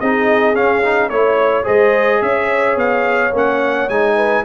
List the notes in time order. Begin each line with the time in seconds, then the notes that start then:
0.00 C4 D#4 G#4 D#5
0.55 C#4 F5
0.83 D#4
1.10 A3 E4 C#5
1.64 G#3 G#4 C5 D#5
2.22 C#4 C#5 E5
2.76 B3 F5
3.33 A#3 C#4 F#5
3.89 G#3 D#4 G#5
4.16 B4